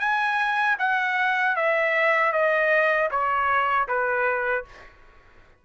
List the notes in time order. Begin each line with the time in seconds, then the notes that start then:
0.00 G#5
0.79 F#5
1.56 E5
2.33 D#5
3.11 C#5
3.88 B4